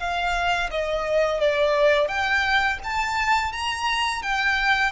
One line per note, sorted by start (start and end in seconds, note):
0.00 0.71 F5
0.71 1.41 D#5
1.41 2.09 D5
2.09 2.79 G5
2.84 3.53 A5
3.53 4.23 A#5
4.23 4.92 G5